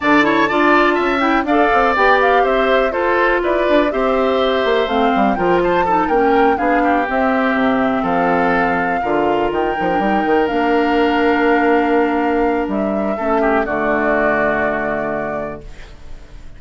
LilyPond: <<
  \new Staff \with { instrumentName = "flute" } { \time 4/4 \tempo 4 = 123 a''2~ a''8 g''8 f''4 | g''8 f''8 e''4 c''4 d''4 | e''2 f''4 g''8 a''8~ | a''8 g''4 f''4 e''4.~ |
e''8 f''2. g''8~ | g''4. f''2~ f''8~ | f''2 e''2 | d''1 | }
  \new Staff \with { instrumentName = "oboe" } { \time 4/4 d''8 cis''8 d''4 e''4 d''4~ | d''4 c''4 a'4 b'4 | c''2. ais'8 c''8 | a'8 ais'4 gis'8 g'2~ |
g'8 a'2 ais'4.~ | ais'1~ | ais'2. a'8 g'8 | fis'1 | }
  \new Staff \with { instrumentName = "clarinet" } { \time 4/4 d'8 e'8 f'4. e'8 a'4 | g'2 f'2 | g'2 c'4 f'4 | dis'8 cis'4 d'4 c'4.~ |
c'2~ c'8 f'4. | dis'16 d'16 dis'4 d'2~ d'8~ | d'2. cis'4 | a1 | }
  \new Staff \with { instrumentName = "bassoon" } { \time 4/4 d4 d'4 cis'4 d'8 c'8 | b4 c'4 f'4 e'8 d'8 | c'4. ais8 a8 g8 f4~ | f8 ais4 b4 c'4 c8~ |
c8 f2 d4 dis8 | f8 g8 dis8 ais2~ ais8~ | ais2 g4 a4 | d1 | }
>>